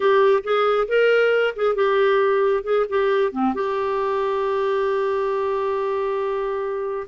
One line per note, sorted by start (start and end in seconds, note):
0.00 0.43 G4
0.43 0.87 G#4
0.88 1.54 A#4
1.56 1.75 G#4
1.75 2.63 G4
2.63 2.85 G#4
2.89 3.31 G4
3.31 3.54 C4
3.54 7.07 G4